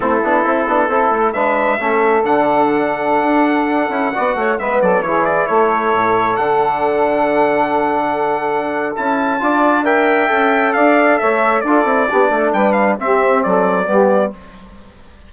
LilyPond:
<<
  \new Staff \with { instrumentName = "trumpet" } { \time 4/4 \tempo 4 = 134 a'2. e''4~ | e''4 fis''2.~ | fis''2~ fis''16 e''8 d''8 cis''8 d''16~ | d''16 cis''2 fis''4.~ fis''16~ |
fis''1 | a''2 g''2 | f''4 e''4 d''2 | g''8 f''8 e''4 d''2 | }
  \new Staff \with { instrumentName = "saxophone" } { \time 4/4 e'2 a'4 b'4 | a'1~ | a'4~ a'16 d''8 cis''8 b'8 a'8 gis'8.~ | gis'16 a'2.~ a'8.~ |
a'1~ | a'4 d''4 e''2 | d''4 cis''4 a'4 g'8 a'8 | b'4 g'4 a'4 g'4 | }
  \new Staff \with { instrumentName = "trombone" } { \time 4/4 c'8 d'8 e'8 d'8 e'4 d'4 | cis'4 d'2.~ | d'8. e'8 fis'4 b4 e'8.~ | e'2~ e'16 d'4.~ d'16~ |
d'1 | e'4 f'4 ais'4 a'4~ | a'2 f'8 e'8 d'4~ | d'4 c'2 b4 | }
  \new Staff \with { instrumentName = "bassoon" } { \time 4/4 a8 b8 c'8 b8 c'8 a8 gis4 | a4 d2~ d16 d'8.~ | d'8. cis'8 b8 a8 gis8 fis8 e8.~ | e16 a4 a,4 d4.~ d16~ |
d1 | cis'4 d'2 cis'4 | d'4 a4 d'8 c'8 b8 a8 | g4 c'4 fis4 g4 | }
>>